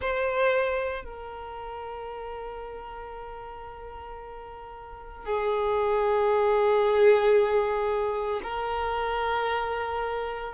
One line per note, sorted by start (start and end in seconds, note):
0.01 1.04 C5
1.04 5.25 A#4
5.25 8.41 G#4
8.43 10.53 A#4